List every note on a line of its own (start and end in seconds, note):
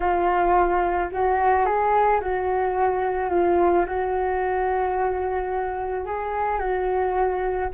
0.00 1.09 F4
1.11 1.65 F#4
1.65 2.20 G#4
2.20 3.30 F#4
3.30 3.85 F4
3.85 6.05 F#4
6.05 6.59 G#4
6.59 7.69 F#4